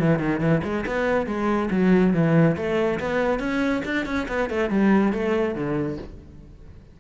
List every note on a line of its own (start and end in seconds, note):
0.00 0.20 E3
0.20 0.41 D#3
0.41 0.62 E3
0.64 0.86 G#3
0.87 1.27 B3
1.27 1.70 G#3
1.71 2.14 F#3
2.14 2.56 E3
2.57 3.00 A3
3.00 3.40 B3
3.40 3.83 C#4
3.86 4.06 D4
4.06 4.28 C#4
4.29 4.50 B3
4.50 4.70 A3
4.70 5.13 G3
5.13 5.55 A3
5.55 5.98 D3